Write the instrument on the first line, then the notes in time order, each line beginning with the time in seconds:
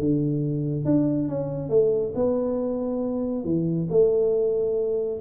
tuba
0.00 D3
0.85 D4
1.29 C#4
1.70 A3
2.15 B3
3.44 E3
3.90 A3